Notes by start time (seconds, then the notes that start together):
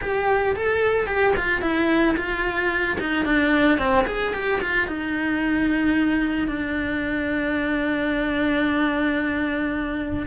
0.01 G4
0.56 A4
1.06 G4
1.36 F4
1.61 E4
2.16 F4
3.00 D#4
3.25 D4
3.78 C4
4.06 G#4
4.33 G4
4.61 F4
4.87 D#4
6.47 D4